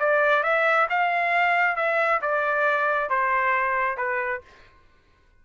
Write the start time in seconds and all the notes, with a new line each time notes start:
0.00 D5
0.43 E5
0.90 F5
1.76 E5
2.22 D5
3.10 C5
3.97 B4